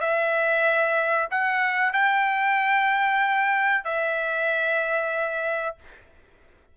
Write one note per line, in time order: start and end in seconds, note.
0.00 1.28 E5
1.30 1.92 F#5
1.92 3.84 G5
3.84 5.75 E5